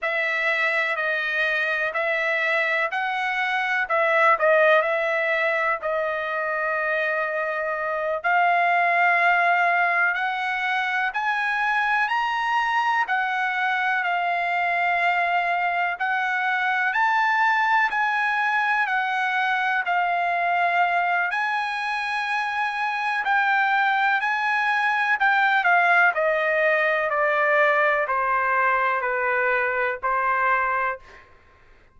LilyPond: \new Staff \with { instrumentName = "trumpet" } { \time 4/4 \tempo 4 = 62 e''4 dis''4 e''4 fis''4 | e''8 dis''8 e''4 dis''2~ | dis''8 f''2 fis''4 gis''8~ | gis''8 ais''4 fis''4 f''4.~ |
f''8 fis''4 a''4 gis''4 fis''8~ | fis''8 f''4. gis''2 | g''4 gis''4 g''8 f''8 dis''4 | d''4 c''4 b'4 c''4 | }